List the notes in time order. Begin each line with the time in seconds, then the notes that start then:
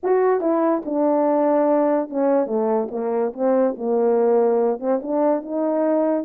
0.03 F#4
0.40 E4
0.85 D4
2.09 C#4
2.46 A3
2.91 A#3
3.33 C4
3.77 A#3
4.79 C4
5.02 D4
5.42 D#4